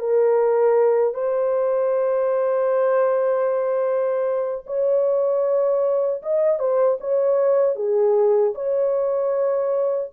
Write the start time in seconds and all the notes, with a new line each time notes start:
0.00 A#4
1.14 C5
4.66 C#5
6.22 D#5
6.60 C5
7.01 C#5
7.76 G#4
8.55 C#5